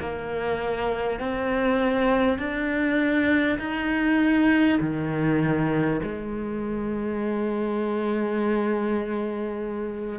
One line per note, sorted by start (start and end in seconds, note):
0.00 1.19 A#3
1.19 2.38 C4
2.38 3.58 D4
3.58 4.78 D#4
4.80 6.00 D#3
6.02 10.19 G#3